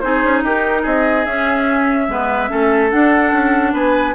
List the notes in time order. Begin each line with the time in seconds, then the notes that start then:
0.00 C4 D#4 G#4 C5
0.23 C#4
0.42 D#4 G4 A#4
0.82 C4 G#4 D#5
1.25 C#4 E5
2.08 G#3 B3 B4
2.47 A3 C#4 A4
2.90 D4 F#5
3.32 C#4
3.73 B3 B4 G#5